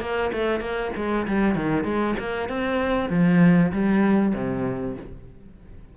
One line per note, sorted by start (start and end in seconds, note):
0.00 0.31 A#3
0.32 0.60 A3
0.60 0.91 A#3
0.96 1.27 G#3
1.27 1.55 G3
1.55 1.84 D#3
1.84 2.15 G#3
2.19 2.48 A#3
2.48 3.09 C4
3.09 3.71 F3
3.71 4.33 G3
4.34 4.96 C3